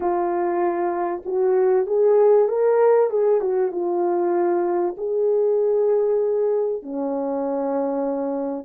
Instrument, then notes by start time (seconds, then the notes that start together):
horn
0.00 F4
1.25 F#4
1.86 G#4
2.48 A#4
3.10 G#4
3.40 F#4
3.71 F4
4.97 G#4
6.82 C#4